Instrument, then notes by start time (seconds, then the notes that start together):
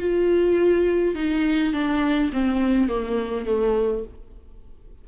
viola
0.00 F4
1.15 D#4
1.73 D4
2.33 C4
2.89 A#3
3.46 A3